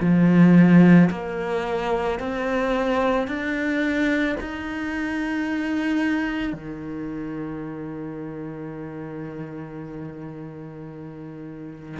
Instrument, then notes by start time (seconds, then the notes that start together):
cello
0.00 F3
1.10 A#3
2.20 C4
3.27 D4
4.40 D#4
6.53 D#3